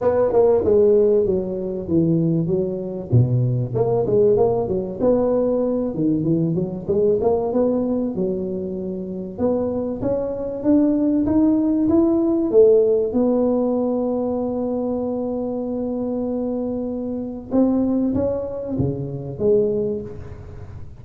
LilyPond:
\new Staff \with { instrumentName = "tuba" } { \time 4/4 \tempo 4 = 96 b8 ais8 gis4 fis4 e4 | fis4 b,4 ais8 gis8 ais8 fis8 | b4. dis8 e8 fis8 gis8 ais8 | b4 fis2 b4 |
cis'4 d'4 dis'4 e'4 | a4 b2.~ | b1 | c'4 cis'4 cis4 gis4 | }